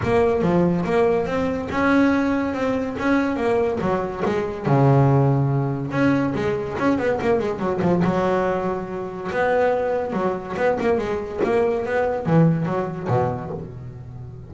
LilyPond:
\new Staff \with { instrumentName = "double bass" } { \time 4/4 \tempo 4 = 142 ais4 f4 ais4 c'4 | cis'2 c'4 cis'4 | ais4 fis4 gis4 cis4~ | cis2 cis'4 gis4 |
cis'8 b8 ais8 gis8 fis8 f8 fis4~ | fis2 b2 | fis4 b8 ais8 gis4 ais4 | b4 e4 fis4 b,4 | }